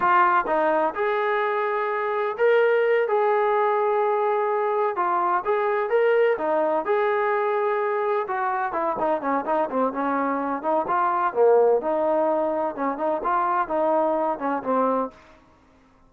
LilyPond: \new Staff \with { instrumentName = "trombone" } { \time 4/4 \tempo 4 = 127 f'4 dis'4 gis'2~ | gis'4 ais'4. gis'4.~ | gis'2~ gis'8 f'4 gis'8~ | gis'8 ais'4 dis'4 gis'4.~ |
gis'4. fis'4 e'8 dis'8 cis'8 | dis'8 c'8 cis'4. dis'8 f'4 | ais4 dis'2 cis'8 dis'8 | f'4 dis'4. cis'8 c'4 | }